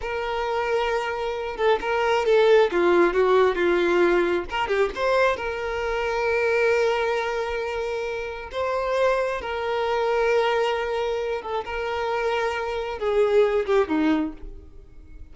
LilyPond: \new Staff \with { instrumentName = "violin" } { \time 4/4 \tempo 4 = 134 ais'2.~ ais'8 a'8 | ais'4 a'4 f'4 fis'4 | f'2 ais'8 g'8 c''4 | ais'1~ |
ais'2. c''4~ | c''4 ais'2.~ | ais'4. a'8 ais'2~ | ais'4 gis'4. g'8 dis'4 | }